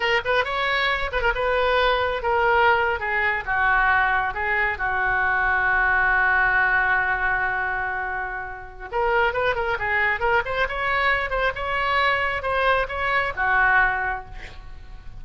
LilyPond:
\new Staff \with { instrumentName = "oboe" } { \time 4/4 \tempo 4 = 135 ais'8 b'8 cis''4. b'16 ais'16 b'4~ | b'4 ais'4.~ ais'16 gis'4 fis'16~ | fis'4.~ fis'16 gis'4 fis'4~ fis'16~ | fis'1~ |
fis'1 | ais'4 b'8 ais'8 gis'4 ais'8 c''8 | cis''4. c''8 cis''2 | c''4 cis''4 fis'2 | }